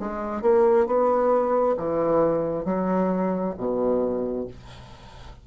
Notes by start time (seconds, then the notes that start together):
0.00 G#3
0.42 A#3
0.87 B3
1.78 E3
2.65 F#3
3.58 B2